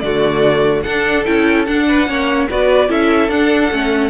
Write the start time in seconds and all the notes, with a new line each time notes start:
0.00 D3 A3 F#4 D5
0.83 D4 A4 F#5
1.25 C#4 E4 G5
1.66 D4 F#5
1.88 B4
2.07 A#3 C#4 C#5
2.50 B3 F#4 B4 D5
2.88 C#4 E4 A4 E5
3.29 D4 F#5
3.71 A3 C#4